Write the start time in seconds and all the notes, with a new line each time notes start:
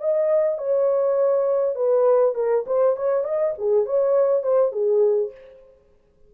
0.00 D#5
0.58 C#5
1.76 B4
2.35 A#4
2.67 C5
2.96 C#5
3.24 D#5
3.58 G#4
3.86 C#5
4.43 C5
4.72 G#4